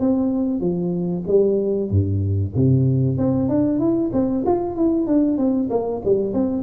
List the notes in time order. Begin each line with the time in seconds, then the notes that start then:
0.00 C4
0.60 F3
1.27 G3
1.91 G2
2.56 C3
3.18 C4
3.49 D4
3.79 E4
4.13 C4
4.46 F4
4.76 E4
5.07 D4
5.38 C4
5.70 A#3
6.05 G3
6.34 C4